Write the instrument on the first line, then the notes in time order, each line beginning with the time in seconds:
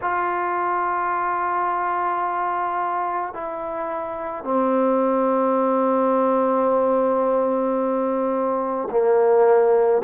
trombone
0.02 F4
3.33 E4
4.43 C4
8.90 A#3